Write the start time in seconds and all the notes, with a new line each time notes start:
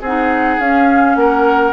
0.00 C4 G#4 F#5
0.06 D#4
0.59 C#4 F5
1.15 A#3 A#4 F#5